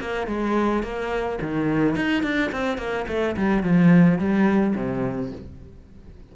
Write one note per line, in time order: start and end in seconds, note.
0.00 0.27 A#3
0.27 0.83 G#3
0.83 1.39 A#3
1.41 1.95 D#3
1.95 2.23 D#4
2.23 2.51 D4
2.51 2.77 C4
2.77 3.05 A#3
3.07 3.35 A3
3.36 3.62 G3
3.62 4.18 F3
4.18 4.74 G3
4.75 5.31 C3